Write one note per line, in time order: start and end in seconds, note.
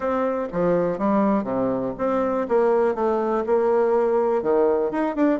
0.00 0.48 C4
0.52 0.98 F3
0.98 1.43 G3
1.43 1.92 C3
1.98 2.47 C4
2.48 2.94 A#3
2.94 3.44 A3
3.46 4.42 A#3
4.42 4.91 D#3
4.91 5.15 D#4
5.15 5.39 D4